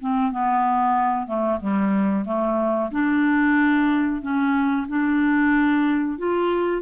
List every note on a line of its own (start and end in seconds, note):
0.00 0.31 C4
0.31 1.27 B3
1.27 1.59 A3
1.60 2.25 G3
2.25 2.90 A3
2.91 4.21 D4
4.22 4.87 C#4
4.88 6.18 D4
6.18 6.82 F4